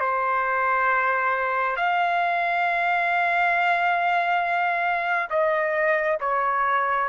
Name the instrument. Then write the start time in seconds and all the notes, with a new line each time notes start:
trumpet
0.00 C5
1.76 F5
5.30 D#5
6.20 C#5